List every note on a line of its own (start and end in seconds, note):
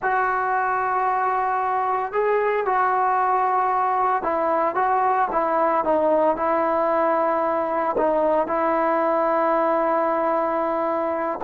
0.02 2.12 F#4
2.12 2.65 G#4
2.65 4.22 F#4
4.22 4.75 E4
4.75 5.28 F#4
5.31 5.84 E4
5.84 6.36 D#4
6.36 7.95 E4
7.97 8.47 D#4
8.47 11.39 E4